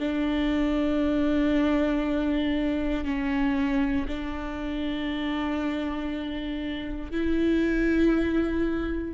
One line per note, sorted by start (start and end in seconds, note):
0.00 3.05 D4
3.05 4.07 C#4
4.08 7.11 D4
7.11 9.14 E4